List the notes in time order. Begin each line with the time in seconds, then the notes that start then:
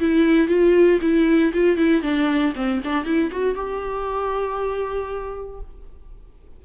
0.00 E4
0.48 F4
1.01 E4
1.54 F4
1.77 E4
2.03 D4
2.56 C4
2.84 D4
3.05 E4
3.32 F#4
3.55 G4